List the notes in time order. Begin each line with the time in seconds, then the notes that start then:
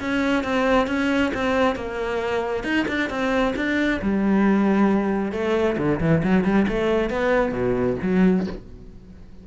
0.00 C#4
0.43 C4
0.87 C#4
1.34 C4
1.76 A#3
2.63 D#4
2.88 D4
3.09 C4
3.56 D4
4.01 G3
5.32 A3
5.78 D3
6.00 E3
6.23 F#3
6.44 G3
6.68 A3
7.10 B3
7.52 B2
8.02 F#3